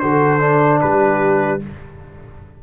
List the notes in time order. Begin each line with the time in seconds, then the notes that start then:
0.00 D3 F#4 A4 C5
0.40 D4
0.81 G3 G4 B4